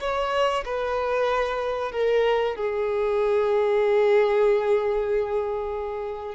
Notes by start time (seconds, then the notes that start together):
0.00 C#5
0.64 B4
1.91 A#4
2.55 G#4